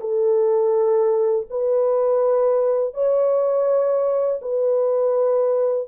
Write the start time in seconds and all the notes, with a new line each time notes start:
0.00 A4
1.50 B4
2.93 C#5
4.41 B4